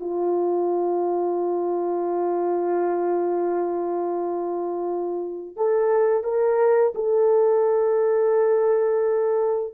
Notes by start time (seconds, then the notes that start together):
0.00 F4
5.56 A4
6.23 A#4
6.95 A4